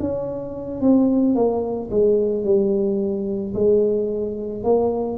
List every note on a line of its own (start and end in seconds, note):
0.00 0.81 C#4
0.81 1.35 C4
1.35 1.90 A#3
1.91 2.44 G#3
2.44 3.54 G3
3.55 4.64 G#3
4.64 5.18 A#3